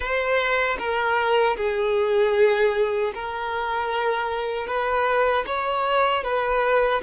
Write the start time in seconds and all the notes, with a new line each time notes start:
0.00 C5
0.78 A#4
1.57 G#4
3.14 A#4
4.66 B4
5.46 C#5
6.23 B4